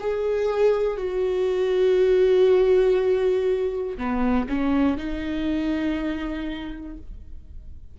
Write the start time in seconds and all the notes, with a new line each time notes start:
0.00 G#4
0.97 F#4
3.98 B3
4.49 C#4
4.98 D#4